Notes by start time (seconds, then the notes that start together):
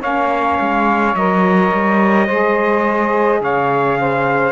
0.00 A#3 C#4 C#5 F5
0.59 G#3
1.15 F#3 A#4 D#5
1.72 G3
2.27 G#3 G#4 C5
3.40 C#3 C#5 F5
4.00 C5